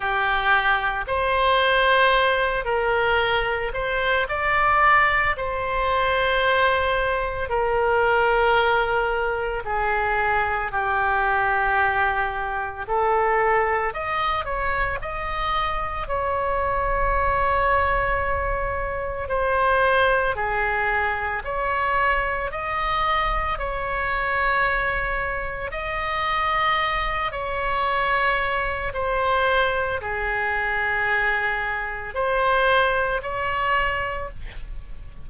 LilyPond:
\new Staff \with { instrumentName = "oboe" } { \time 4/4 \tempo 4 = 56 g'4 c''4. ais'4 c''8 | d''4 c''2 ais'4~ | ais'4 gis'4 g'2 | a'4 dis''8 cis''8 dis''4 cis''4~ |
cis''2 c''4 gis'4 | cis''4 dis''4 cis''2 | dis''4. cis''4. c''4 | gis'2 c''4 cis''4 | }